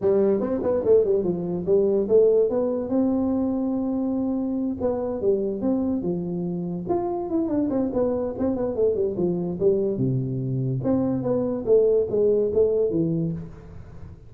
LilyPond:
\new Staff \with { instrumentName = "tuba" } { \time 4/4 \tempo 4 = 144 g4 c'8 b8 a8 g8 f4 | g4 a4 b4 c'4~ | c'2.~ c'8 b8~ | b8 g4 c'4 f4.~ |
f8 f'4 e'8 d'8 c'8 b4 | c'8 b8 a8 g8 f4 g4 | c2 c'4 b4 | a4 gis4 a4 e4 | }